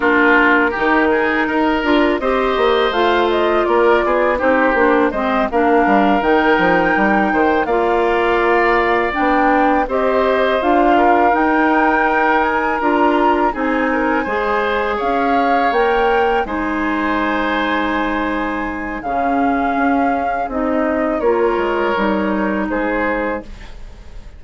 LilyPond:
<<
  \new Staff \with { instrumentName = "flute" } { \time 4/4 \tempo 4 = 82 ais'2. dis''4 | f''8 dis''8 d''4 c''4 dis''8 f''8~ | f''8 g''2 f''4.~ | f''8 g''4 dis''4 f''4 g''8~ |
g''4 gis''8 ais''4 gis''4.~ | gis''8 f''4 g''4 gis''4.~ | gis''2 f''2 | dis''4 cis''2 c''4 | }
  \new Staff \with { instrumentName = "oboe" } { \time 4/4 f'4 g'8 gis'8 ais'4 c''4~ | c''4 ais'8 gis'8 g'4 c''8 ais'8~ | ais'2 c''8 d''4.~ | d''4. c''4. ais'4~ |
ais'2~ ais'8 gis'8 ais'8 c''8~ | c''8 cis''2 c''4.~ | c''2 gis'2~ | gis'4 ais'2 gis'4 | }
  \new Staff \with { instrumentName = "clarinet" } { \time 4/4 d'4 dis'4. f'8 g'4 | f'2 dis'8 d'8 c'8 d'8~ | d'8 dis'2 f'4.~ | f'8 d'4 g'4 f'4 dis'8~ |
dis'4. f'4 dis'4 gis'8~ | gis'4. ais'4 dis'4.~ | dis'2 cis'2 | dis'4 f'4 dis'2 | }
  \new Staff \with { instrumentName = "bassoon" } { \time 4/4 ais4 dis4 dis'8 d'8 c'8 ais8 | a4 ais8 b8 c'8 ais8 gis8 ais8 | g8 dis8 f8 g8 dis8 ais4.~ | ais8 b4 c'4 d'4 dis'8~ |
dis'4. d'4 c'4 gis8~ | gis8 cis'4 ais4 gis4.~ | gis2 cis4 cis'4 | c'4 ais8 gis8 g4 gis4 | }
>>